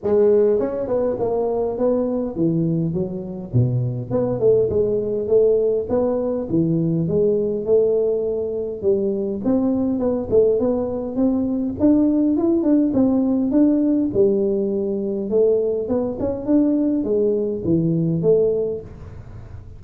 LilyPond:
\new Staff \with { instrumentName = "tuba" } { \time 4/4 \tempo 4 = 102 gis4 cis'8 b8 ais4 b4 | e4 fis4 b,4 b8 a8 | gis4 a4 b4 e4 | gis4 a2 g4 |
c'4 b8 a8 b4 c'4 | d'4 e'8 d'8 c'4 d'4 | g2 a4 b8 cis'8 | d'4 gis4 e4 a4 | }